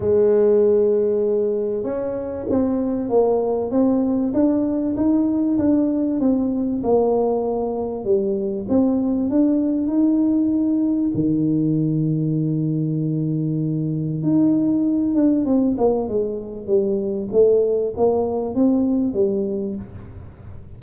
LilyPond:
\new Staff \with { instrumentName = "tuba" } { \time 4/4 \tempo 4 = 97 gis2. cis'4 | c'4 ais4 c'4 d'4 | dis'4 d'4 c'4 ais4~ | ais4 g4 c'4 d'4 |
dis'2 dis2~ | dis2. dis'4~ | dis'8 d'8 c'8 ais8 gis4 g4 | a4 ais4 c'4 g4 | }